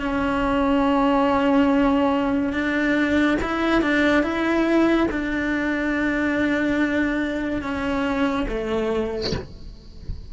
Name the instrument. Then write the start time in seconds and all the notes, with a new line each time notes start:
cello
0.00 C#4
2.53 D4
3.42 E4
3.82 D4
4.23 E4
5.11 D4
7.62 C#4
8.49 A3